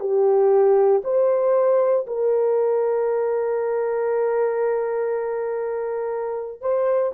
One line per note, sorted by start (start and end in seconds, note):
0.00 1.02 G4
1.04 2.06 C5
2.07 6.61 A#4
6.61 7.12 C5